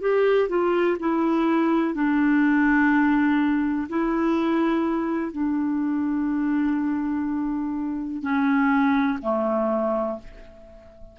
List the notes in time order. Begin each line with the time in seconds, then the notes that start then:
0.00 G4
0.48 F4
0.99 E4
1.94 D4
3.89 E4
5.32 D4
8.22 C#4
9.22 A3